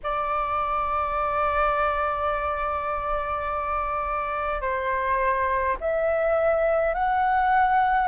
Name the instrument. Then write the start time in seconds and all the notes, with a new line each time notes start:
flute
0.03 D5
4.61 C5
5.80 E5
6.94 F#5